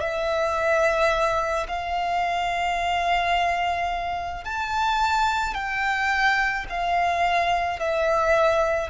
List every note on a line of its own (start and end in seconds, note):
0.00 1.67 E5
1.68 4.44 F5
4.44 5.54 A5
5.54 6.65 G5
6.69 7.79 F5
7.79 8.90 E5